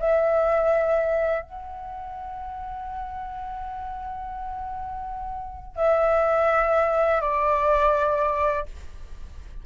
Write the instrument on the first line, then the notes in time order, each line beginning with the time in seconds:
flute
0.00 E5
1.43 F#5
5.77 E5
7.22 D5